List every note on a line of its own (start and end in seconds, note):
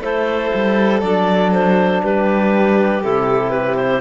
0.00 0.50 A3
0.00 1.02 E4
0.00 2.02 A4
0.00 1.01 C5
0.54 1.01 G3
1.01 2.01 F#3
1.01 3.02 D4
1.01 1.51 D5
1.52 2.02 C5
2.02 3.03 G3
2.02 4.01 G4
2.02 3.03 B4
3.02 4.01 C3
3.02 4.01 E4
3.02 3.50 A4
3.50 3.75 B4
3.76 4.01 C5